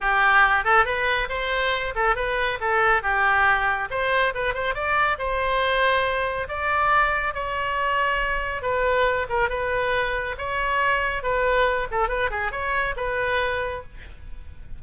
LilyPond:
\new Staff \with { instrumentName = "oboe" } { \time 4/4 \tempo 4 = 139 g'4. a'8 b'4 c''4~ | c''8 a'8 b'4 a'4 g'4~ | g'4 c''4 b'8 c''8 d''4 | c''2. d''4~ |
d''4 cis''2. | b'4. ais'8 b'2 | cis''2 b'4. a'8 | b'8 gis'8 cis''4 b'2 | }